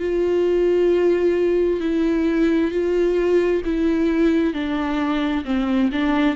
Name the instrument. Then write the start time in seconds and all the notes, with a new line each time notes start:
viola
0.00 F4
1.81 E4
2.71 F4
3.65 E4
4.54 D4
5.45 C4
5.92 D4